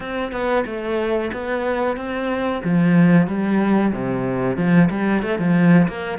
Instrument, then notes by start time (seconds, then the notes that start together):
cello
0.00 C4
0.31 B3
0.66 A3
1.32 B3
1.96 C4
2.64 F3
3.27 G3
3.92 C3
4.57 F3
4.90 G3
5.22 A3
5.38 F3
5.88 A#3